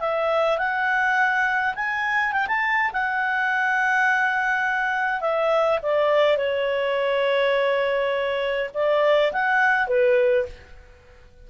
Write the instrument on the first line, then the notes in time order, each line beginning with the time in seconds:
clarinet
0.00 E5
0.58 F#5
1.75 G#5
2.32 G5
2.47 A5
2.93 F#5
5.21 E5
5.82 D5
6.37 C#5
8.74 D5
9.32 F#5
9.87 B4